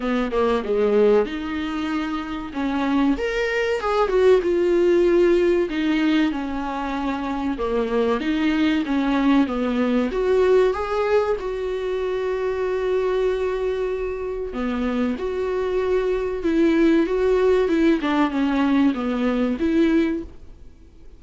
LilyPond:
\new Staff \with { instrumentName = "viola" } { \time 4/4 \tempo 4 = 95 b8 ais8 gis4 dis'2 | cis'4 ais'4 gis'8 fis'8 f'4~ | f'4 dis'4 cis'2 | ais4 dis'4 cis'4 b4 |
fis'4 gis'4 fis'2~ | fis'2. b4 | fis'2 e'4 fis'4 | e'8 d'8 cis'4 b4 e'4 | }